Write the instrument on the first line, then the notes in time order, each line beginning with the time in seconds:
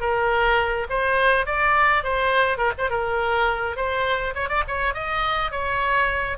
oboe
0.00 A#4
0.89 C5
1.46 D5
2.03 C5
2.58 A#4
2.77 C5
2.90 A#4
3.76 C5
4.34 C#5
4.48 D5
4.67 C#5
4.94 D#5
5.51 C#5